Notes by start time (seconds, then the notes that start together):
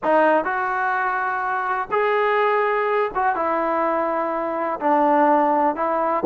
0.03 D#4
0.44 F#4
1.91 G#4
3.14 F#4
3.35 E4
4.80 D4
5.75 E4